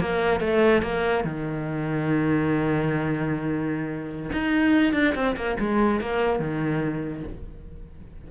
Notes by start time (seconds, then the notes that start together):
0.00 A#3
0.40 A3
0.82 A#3
1.24 D#3
4.33 D#4
4.93 D4
5.15 C4
5.36 A#3
5.59 G#3
6.00 A#3
6.39 D#3